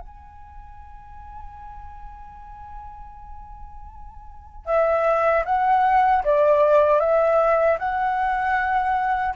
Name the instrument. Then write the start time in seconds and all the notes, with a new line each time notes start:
flute
0.00 G#5
4.66 E5
5.45 F#5
6.24 D5
7.00 E5
7.79 F#5